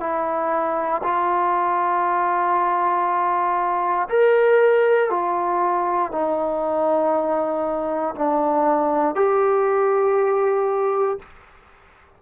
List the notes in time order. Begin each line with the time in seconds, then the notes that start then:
0.00 E4
1.04 F4
4.09 A#4
5.10 F4
6.12 D#4
8.16 D4
9.16 G4